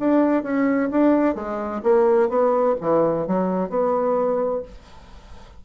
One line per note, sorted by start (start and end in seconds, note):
0.00 0.44 D4
0.44 0.90 C#4
0.92 1.36 D4
1.36 1.82 G#3
1.84 2.29 A#3
2.29 2.76 B3
2.81 3.28 E3
3.28 3.70 F#3
3.70 4.63 B3